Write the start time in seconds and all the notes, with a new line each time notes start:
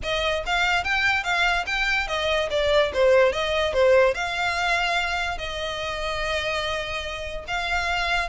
0.02 D#5
0.46 F5
0.84 G5
1.23 F5
1.66 G5
2.07 D#5
2.50 D5
2.93 C5
3.32 D#5
3.73 C5
4.14 F5
5.38 D#5
7.47 F5